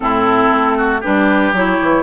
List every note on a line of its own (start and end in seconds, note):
0.00 0.50 A2
0.00 1.01 C4
0.00 0.77 E4
0.00 1.02 A4
0.50 1.01 A3
0.77 1.00 F#4
1.00 1.52 G3
1.00 1.54 D4
1.00 2.03 G4
1.00 1.54 B4
1.52 1.78 F#3
1.52 2.03 E4
1.52 2.03 C#5
1.81 2.03 E3